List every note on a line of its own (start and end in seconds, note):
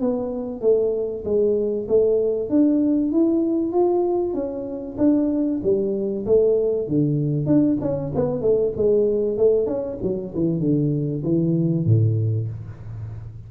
0.00 0.61 B3
0.61 1.23 A3
1.24 1.87 G#3
1.88 2.49 A3
2.49 3.12 D4
3.12 3.72 E4
3.72 4.34 F4
4.34 4.96 C#4
4.98 5.60 D4
5.63 6.25 G3
6.26 6.88 A3
6.88 7.46 D3
7.46 7.77 D4
7.81 8.12 C#4
8.15 8.41 B3
8.41 8.72 A3
8.76 9.37 G#3
9.37 9.66 A3
9.66 9.98 C#4
10.02 10.34 F#3
10.34 10.60 E3
10.60 11.22 D3
11.23 11.86 E3
11.86 12.48 A2